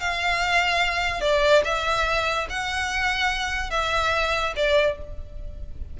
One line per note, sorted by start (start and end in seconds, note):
0.00 1.21 F5
1.21 1.62 D5
1.64 2.48 E5
2.50 3.70 F#5
3.70 4.54 E5
4.56 4.98 D5